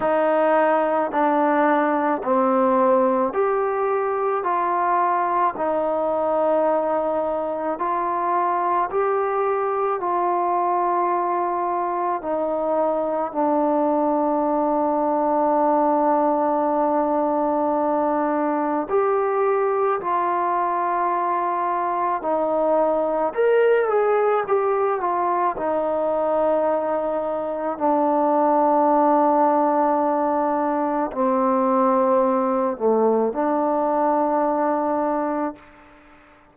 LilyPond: \new Staff \with { instrumentName = "trombone" } { \time 4/4 \tempo 4 = 54 dis'4 d'4 c'4 g'4 | f'4 dis'2 f'4 | g'4 f'2 dis'4 | d'1~ |
d'4 g'4 f'2 | dis'4 ais'8 gis'8 g'8 f'8 dis'4~ | dis'4 d'2. | c'4. a8 d'2 | }